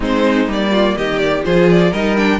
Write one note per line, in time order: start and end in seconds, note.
0.00 0.47 G#3
0.00 0.47 C4
0.00 0.70 D#4
0.00 0.51 C5
0.47 0.95 G3
0.47 1.43 A#3
0.47 0.97 D5
0.70 0.95 F4
0.96 1.44 D#3
0.96 1.45 G4
0.96 1.18 D#5
1.18 1.42 D5
1.43 1.92 F3
1.43 1.91 F4
1.43 1.91 G#4
1.43 1.69 C5
1.70 1.93 D5
1.91 2.39 G3
1.91 2.16 D#4
1.91 2.39 A#4
1.91 2.17 D#5
2.16 2.39 D4
2.16 2.39 G5